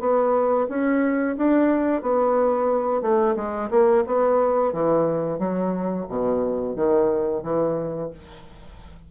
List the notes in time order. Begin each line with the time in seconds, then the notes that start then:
0.00 B3
0.69 C#4
1.37 D4
2.02 B3
3.02 A3
3.36 G#3
3.70 A#3
4.07 B3
4.73 E3
5.39 F#3
6.09 B2
6.76 D#3
7.43 E3